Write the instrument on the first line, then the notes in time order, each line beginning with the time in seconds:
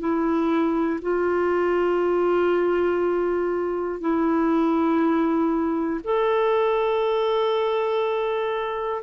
clarinet
0.00 E4
1.02 F4
4.00 E4
6.05 A4